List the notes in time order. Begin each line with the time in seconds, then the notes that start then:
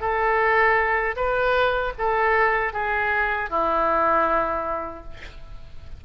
0.00 A4
1.16 B4
1.98 A4
2.73 G#4
3.50 E4